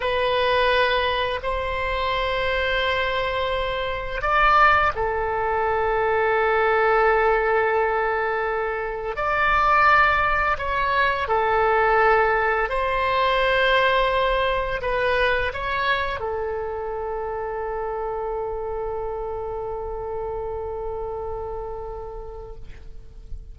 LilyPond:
\new Staff \with { instrumentName = "oboe" } { \time 4/4 \tempo 4 = 85 b'2 c''2~ | c''2 d''4 a'4~ | a'1~ | a'4 d''2 cis''4 |
a'2 c''2~ | c''4 b'4 cis''4 a'4~ | a'1~ | a'1 | }